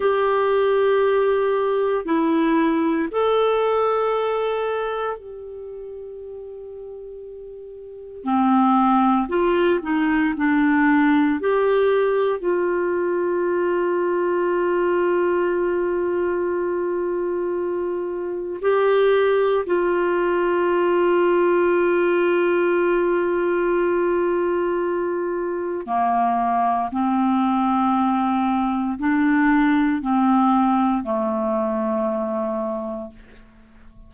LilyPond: \new Staff \with { instrumentName = "clarinet" } { \time 4/4 \tempo 4 = 58 g'2 e'4 a'4~ | a'4 g'2. | c'4 f'8 dis'8 d'4 g'4 | f'1~ |
f'2 g'4 f'4~ | f'1~ | f'4 ais4 c'2 | d'4 c'4 a2 | }